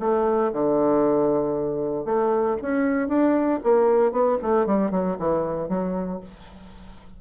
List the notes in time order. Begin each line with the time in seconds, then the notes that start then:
0.00 A3
0.53 D3
2.05 A3
2.62 C#4
3.08 D4
3.64 A#3
4.12 B3
4.42 A3
4.66 G3
4.91 F#3
5.19 E3
5.69 F#3